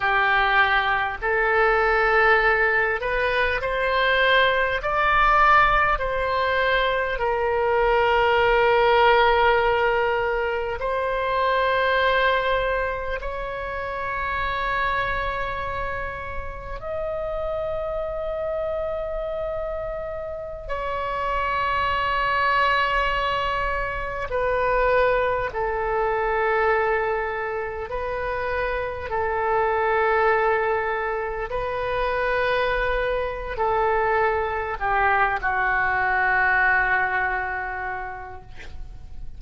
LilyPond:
\new Staff \with { instrumentName = "oboe" } { \time 4/4 \tempo 4 = 50 g'4 a'4. b'8 c''4 | d''4 c''4 ais'2~ | ais'4 c''2 cis''4~ | cis''2 dis''2~ |
dis''4~ dis''16 cis''2~ cis''8.~ | cis''16 b'4 a'2 b'8.~ | b'16 a'2 b'4.~ b'16 | a'4 g'8 fis'2~ fis'8 | }